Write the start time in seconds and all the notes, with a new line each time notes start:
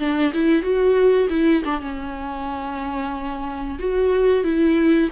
0.00 D4
0.34 E4
0.63 F#4
1.30 E4
1.65 D4
1.81 C#4
3.79 F#4
4.44 E4